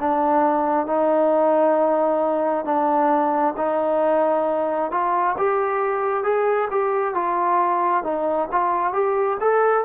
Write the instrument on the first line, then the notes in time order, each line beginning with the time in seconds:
trombone
0.00 D4
0.86 D#4
2.65 D4
3.57 D#4
4.91 F4
5.38 G4
6.24 G#4
6.71 G4
7.14 F4
8.04 D#4
8.52 F4
8.93 G4
9.41 A4